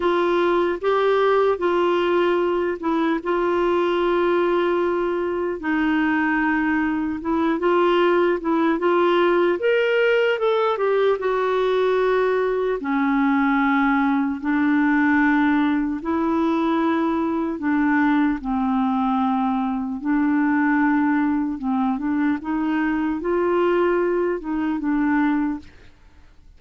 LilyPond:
\new Staff \with { instrumentName = "clarinet" } { \time 4/4 \tempo 4 = 75 f'4 g'4 f'4. e'8 | f'2. dis'4~ | dis'4 e'8 f'4 e'8 f'4 | ais'4 a'8 g'8 fis'2 |
cis'2 d'2 | e'2 d'4 c'4~ | c'4 d'2 c'8 d'8 | dis'4 f'4. dis'8 d'4 | }